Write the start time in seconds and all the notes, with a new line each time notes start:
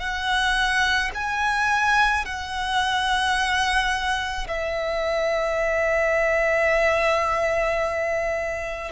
0.00 F#5
1.15 G#5
2.26 F#5
4.48 E5